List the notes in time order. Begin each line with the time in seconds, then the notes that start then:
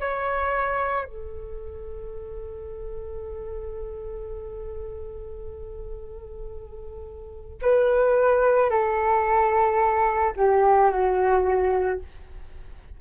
0.00 C#5
1.04 A4
7.62 B4
8.70 A4
10.36 G4
10.90 F#4